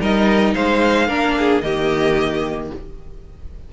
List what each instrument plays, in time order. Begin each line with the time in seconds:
0.00 cello G3, viola D#4, violin A#4 D#5
0.53 cello G#3, violin C5 F5
1.08 cello A#3, viola D4, violin A#4
1.38 violin G#4
1.60 cello D#3, viola A#3, violin G4 D#5